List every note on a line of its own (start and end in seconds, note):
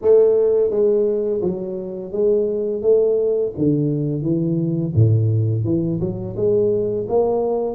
0.01 0.70 A3
0.70 1.41 G#3
1.41 2.12 F#3
2.12 2.81 G#3
2.81 3.52 A3
3.57 4.22 D3
4.22 4.92 E3
4.94 5.64 A2
5.64 5.99 E3
6.00 6.35 F#3
6.36 7.07 G#3
7.08 7.75 A#3